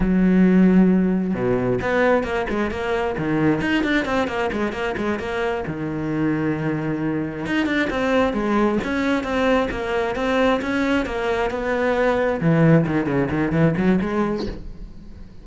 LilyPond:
\new Staff \with { instrumentName = "cello" } { \time 4/4 \tempo 4 = 133 fis2. b,4 | b4 ais8 gis8 ais4 dis4 | dis'8 d'8 c'8 ais8 gis8 ais8 gis8 ais8~ | ais8 dis2.~ dis8~ |
dis8 dis'8 d'8 c'4 gis4 cis'8~ | cis'8 c'4 ais4 c'4 cis'8~ | cis'8 ais4 b2 e8~ | e8 dis8 cis8 dis8 e8 fis8 gis4 | }